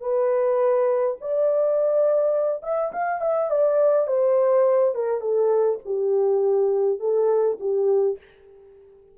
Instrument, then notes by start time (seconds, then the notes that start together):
horn
0.00 B4
1.20 D5
2.63 E5
2.92 F5
3.21 E5
3.50 D5
4.07 C5
4.95 A#4
5.21 A4
5.85 G4
7.00 A4
7.60 G4